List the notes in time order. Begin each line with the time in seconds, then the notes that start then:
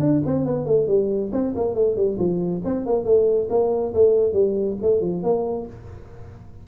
0.00 D4
0.26 C4
0.45 B3
0.66 A3
0.88 G3
1.32 C4
1.56 A#3
1.75 A3
1.96 G3
2.19 F3
2.65 C4
2.86 A#3
3.05 A3
3.50 A#3
3.94 A3
4.33 G3
4.82 A3
5.01 F3
5.23 A#3